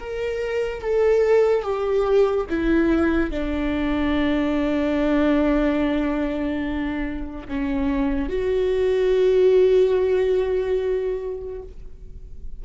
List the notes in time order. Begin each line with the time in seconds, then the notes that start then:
0.00 A#4
0.82 A4
1.63 G4
2.50 E4
3.31 D4
7.48 C#4
8.30 F#4